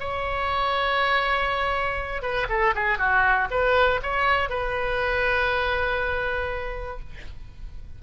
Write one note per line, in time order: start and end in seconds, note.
0.00 2.22 C#5
2.22 2.47 B4
2.49 2.74 A4
2.75 2.98 G#4
2.98 3.48 F#4
3.51 4.01 B4
4.03 4.50 C#5
4.50 7.00 B4